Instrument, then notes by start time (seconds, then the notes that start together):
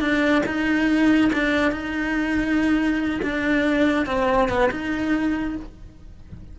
cello
0.00 D4
0.46 D#4
1.33 D4
1.72 D#4
3.22 D4
4.06 C4
4.49 B3
4.71 D#4